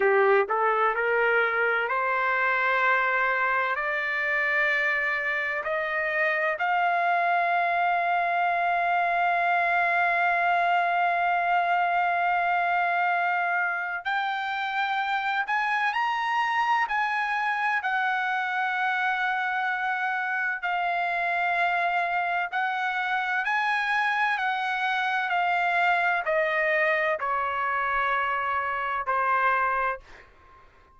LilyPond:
\new Staff \with { instrumentName = "trumpet" } { \time 4/4 \tempo 4 = 64 g'8 a'8 ais'4 c''2 | d''2 dis''4 f''4~ | f''1~ | f''2. g''4~ |
g''8 gis''8 ais''4 gis''4 fis''4~ | fis''2 f''2 | fis''4 gis''4 fis''4 f''4 | dis''4 cis''2 c''4 | }